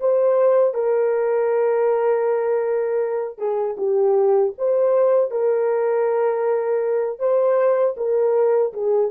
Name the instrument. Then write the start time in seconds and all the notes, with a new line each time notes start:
horn
0.00 C5
0.74 A#4
3.38 G#4
3.78 G4
4.58 C5
5.31 A#4
7.19 C5
7.97 A#4
8.73 G#4